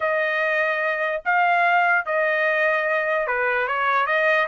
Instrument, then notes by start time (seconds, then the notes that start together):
trumpet
0.00 D#5
1.25 F5
2.05 D#5
3.27 B4
3.67 C#5
4.06 D#5